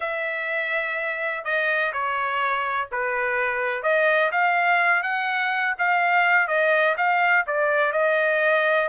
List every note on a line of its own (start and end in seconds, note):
0.00 1.44 E5
1.44 1.92 D#5
1.92 2.88 C#5
2.91 3.82 B4
3.82 4.30 D#5
4.31 5.02 F5
5.02 5.74 F#5
5.78 6.47 F5
6.47 6.95 D#5
6.97 7.45 F5
7.46 7.92 D5
7.92 8.88 D#5